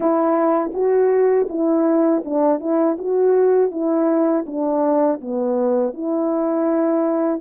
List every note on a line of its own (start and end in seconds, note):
0.00 0.71 E4
0.73 1.47 F#4
1.48 2.23 E4
2.24 2.60 D4
2.60 2.97 E4
2.98 3.71 F#4
3.71 4.45 E4
4.46 5.20 D4
5.20 5.93 B3
5.93 7.40 E4